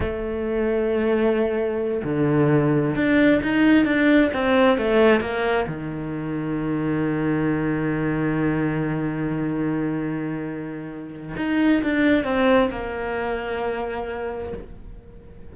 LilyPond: \new Staff \with { instrumentName = "cello" } { \time 4/4 \tempo 4 = 132 a1~ | a8 d2 d'4 dis'8~ | dis'8 d'4 c'4 a4 ais8~ | ais8 dis2.~ dis8~ |
dis1~ | dis1~ | dis4 dis'4 d'4 c'4 | ais1 | }